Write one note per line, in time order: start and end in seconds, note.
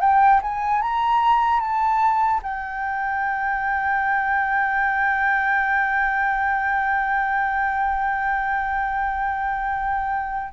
0.00 0.41 G5
0.42 0.82 G#5
0.82 1.60 A#5
1.60 2.41 A5
2.43 10.53 G5